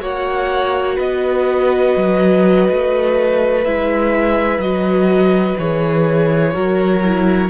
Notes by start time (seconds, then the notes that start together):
0.00 A#3 F#4 C#5 F#5
0.96 B3 B4 D#5
1.96 F#3
2.70 A3
3.64 G#3 E4 E5
4.58 F#3 F#4 D#5
5.57 E3 G#4 C#5
6.53 F#3 F#4 A#4
7.04 E4